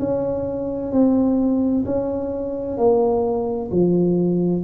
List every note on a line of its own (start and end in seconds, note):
0.00 0.92 C#4
0.92 1.85 C4
1.86 2.78 C#4
2.78 3.70 A#3
3.71 4.64 F3